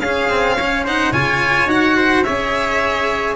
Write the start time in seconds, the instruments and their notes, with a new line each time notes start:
0.00 tuba C#4, cello C#4, trumpet G#4, violin F5
0.30 cello C4
0.56 cello C#4, trumpet C#5
0.84 cello D#4, trumpet C5, violin F#5
1.12 tuba C#3, cello F4, trumpet C#5, violin G#5
1.67 tuba D#4, cello F#4, violin F#5
1.97 trumpet C5
2.24 tuba C#4, cello G#4, trumpet C#5, violin E5